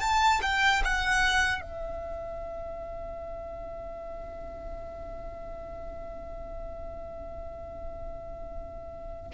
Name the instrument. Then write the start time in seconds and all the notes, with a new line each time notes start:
violin
0.00 A5
0.42 G5
0.84 F#5
1.61 E5